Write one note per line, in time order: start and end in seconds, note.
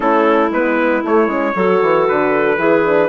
0.00 0.51 A3
0.00 0.50 C#4
0.00 1.54 E4
0.00 0.52 A4
0.51 1.02 G#3
0.51 1.04 B3
0.51 1.04 B4
1.04 1.28 A3
1.04 1.27 A3
1.04 2.07 C#5
1.27 1.53 G#3
1.27 1.54 C#4
1.54 1.81 F#3
1.54 2.58 F#4
1.54 2.58 A4
1.82 2.08 E3
2.07 2.58 D3
2.07 3.08 B4
2.58 3.08 E3
2.58 2.84 E4
2.58 3.08 G#4
2.84 3.08 D4